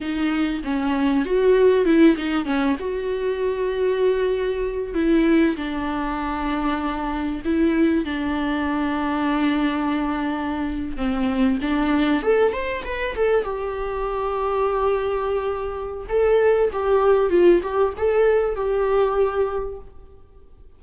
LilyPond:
\new Staff \with { instrumentName = "viola" } { \time 4/4 \tempo 4 = 97 dis'4 cis'4 fis'4 e'8 dis'8 | cis'8 fis'2.~ fis'8 | e'4 d'2. | e'4 d'2.~ |
d'4.~ d'16 c'4 d'4 a'16~ | a'16 c''8 b'8 a'8 g'2~ g'16~ | g'2 a'4 g'4 | f'8 g'8 a'4 g'2 | }